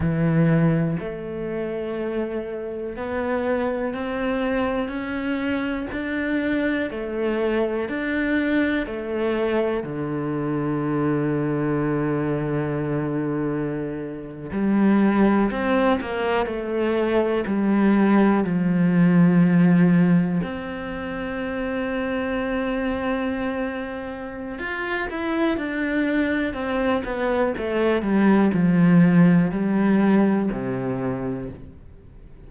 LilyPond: \new Staff \with { instrumentName = "cello" } { \time 4/4 \tempo 4 = 61 e4 a2 b4 | c'4 cis'4 d'4 a4 | d'4 a4 d2~ | d2~ d8. g4 c'16~ |
c'16 ais8 a4 g4 f4~ f16~ | f8. c'2.~ c'16~ | c'4 f'8 e'8 d'4 c'8 b8 | a8 g8 f4 g4 c4 | }